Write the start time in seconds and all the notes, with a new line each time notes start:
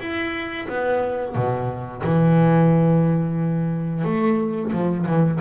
0.00 E4
0.69 B3
1.35 B2
2.04 E3
4.04 A3
4.73 F3
5.07 E3